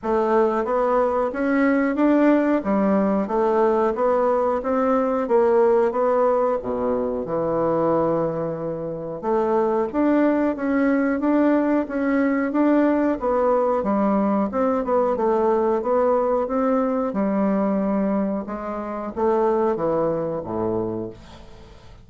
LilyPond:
\new Staff \with { instrumentName = "bassoon" } { \time 4/4 \tempo 4 = 91 a4 b4 cis'4 d'4 | g4 a4 b4 c'4 | ais4 b4 b,4 e4~ | e2 a4 d'4 |
cis'4 d'4 cis'4 d'4 | b4 g4 c'8 b8 a4 | b4 c'4 g2 | gis4 a4 e4 a,4 | }